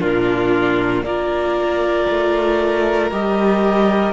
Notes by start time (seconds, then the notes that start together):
0.00 A#2 D4 F4 A#4
1.03 A#3 F4 A#4 D5
2.10 A3
3.11 G3 G4 D#5